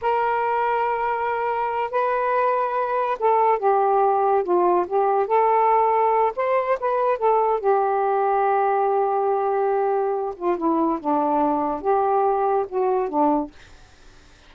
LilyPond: \new Staff \with { instrumentName = "saxophone" } { \time 4/4 \tempo 4 = 142 ais'1~ | ais'8 b'2. a'8~ | a'8 g'2 f'4 g'8~ | g'8 a'2~ a'8 c''4 |
b'4 a'4 g'2~ | g'1~ | g'8 f'8 e'4 d'2 | g'2 fis'4 d'4 | }